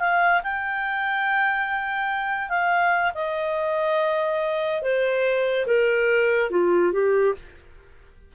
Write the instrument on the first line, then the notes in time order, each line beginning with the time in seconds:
clarinet
0.00 F5
0.43 G5
2.50 F5
3.15 D#5
4.83 C5
5.67 A#4
6.51 F4
6.93 G4